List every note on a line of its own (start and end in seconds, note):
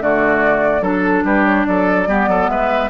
0.00 0.81 D3
0.00 0.82 A3
0.00 0.82 F#4
0.00 0.83 D5
0.81 1.23 F#3
0.81 2.07 D4
0.81 1.24 A4
0.81 1.25 A4
1.24 1.66 G3
1.24 1.66 G4
1.24 1.45 B4
1.45 1.65 C#5
1.66 2.07 F#3
1.66 2.08 A4
1.66 2.49 D5
2.07 2.28 G3
2.07 2.90 B3
2.07 2.29 G4
2.28 2.48 F#3
2.28 2.51 A4
2.48 2.89 G#3
2.48 2.90 B4
2.48 2.90 E5